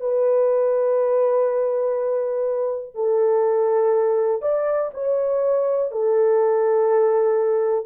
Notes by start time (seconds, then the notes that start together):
0.00 B4
2.94 A4
4.42 D5
4.94 C#5
5.91 A4